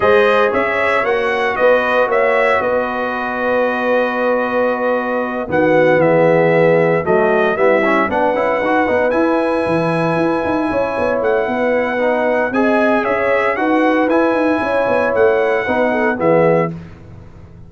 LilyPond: <<
  \new Staff \with { instrumentName = "trumpet" } { \time 4/4 \tempo 4 = 115 dis''4 e''4 fis''4 dis''4 | e''4 dis''2.~ | dis''2~ dis''8 fis''4 e''8~ | e''4. dis''4 e''4 fis''8~ |
fis''4. gis''2~ gis''8~ | gis''4. fis''2~ fis''8 | gis''4 e''4 fis''4 gis''4~ | gis''4 fis''2 e''4 | }
  \new Staff \with { instrumentName = "horn" } { \time 4/4 c''4 cis''2 b'4 | cis''4 b'2.~ | b'2~ b'8 fis'4 gis'8~ | gis'4. fis'4 e'4 b'8~ |
b'1~ | b'8 cis''4. b'2 | dis''4 cis''4 b'2 | cis''2 b'8 a'8 gis'4 | }
  \new Staff \with { instrumentName = "trombone" } { \time 4/4 gis'2 fis'2~ | fis'1~ | fis'2~ fis'8 b4.~ | b4. a4 b8 cis'8 d'8 |
e'8 fis'8 dis'8 e'2~ e'8~ | e'2. dis'4 | gis'2 fis'4 e'4~ | e'2 dis'4 b4 | }
  \new Staff \with { instrumentName = "tuba" } { \time 4/4 gis4 cis'4 ais4 b4 | ais4 b2.~ | b2~ b8 dis4 e8~ | e4. fis4 g4 b8 |
cis'8 dis'8 b8 e'4 e4 e'8 | dis'8 cis'8 b8 a8 b2 | c'4 cis'4 dis'4 e'8 dis'8 | cis'8 b8 a4 b4 e4 | }
>>